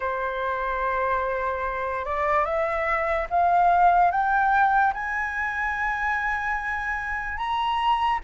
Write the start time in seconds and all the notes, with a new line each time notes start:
0.00 C5
2.05 D5
2.45 E5
3.30 F5
4.11 G5
4.93 G#5
7.37 A#5